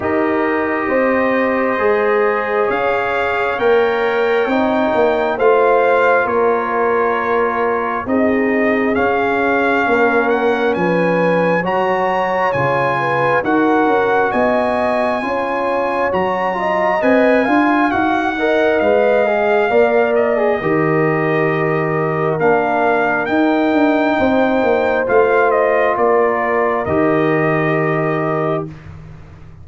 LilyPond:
<<
  \new Staff \with { instrumentName = "trumpet" } { \time 4/4 \tempo 4 = 67 dis''2. f''4 | g''2 f''4 cis''4~ | cis''4 dis''4 f''4. fis''8 | gis''4 ais''4 gis''4 fis''4 |
gis''2 ais''4 gis''4 | fis''4 f''4. dis''4.~ | dis''4 f''4 g''2 | f''8 dis''8 d''4 dis''2 | }
  \new Staff \with { instrumentName = "horn" } { \time 4/4 ais'4 c''2 cis''4~ | cis''2 c''4 ais'4~ | ais'4 gis'2 ais'4 | b'4 cis''4. b'8 ais'4 |
dis''4 cis''4. dis''4 f''8~ | f''8 dis''4. d''4 ais'4~ | ais'2. c''4~ | c''4 ais'2. | }
  \new Staff \with { instrumentName = "trombone" } { \time 4/4 g'2 gis'2 | ais'4 dis'4 f'2~ | f'4 dis'4 cis'2~ | cis'4 fis'4 f'4 fis'4~ |
fis'4 f'4 fis'8 f'8 b'8 f'8 | fis'8 ais'8 b'8 gis'8 ais'8. gis'16 g'4~ | g'4 d'4 dis'2 | f'2 g'2 | }
  \new Staff \with { instrumentName = "tuba" } { \time 4/4 dis'4 c'4 gis4 cis'4 | ais4 c'8 ais8 a4 ais4~ | ais4 c'4 cis'4 ais4 | f4 fis4 cis4 dis'8 cis'8 |
b4 cis'4 fis4 c'8 d'8 | dis'4 gis4 ais4 dis4~ | dis4 ais4 dis'8 d'8 c'8 ais8 | a4 ais4 dis2 | }
>>